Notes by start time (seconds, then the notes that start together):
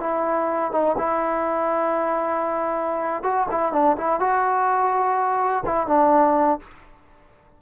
0.00 E4
0.72 D#4
0.98 E4
3.23 F#4
3.51 E4
3.72 D4
3.97 E4
4.20 F#4
5.66 E4
5.87 D4